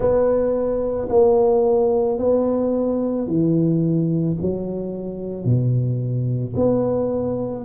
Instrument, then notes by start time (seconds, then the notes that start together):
tuba
0.00 B3
1.09 A#3
2.18 B3
3.27 E3
4.41 F#3
5.44 B2
6.56 B3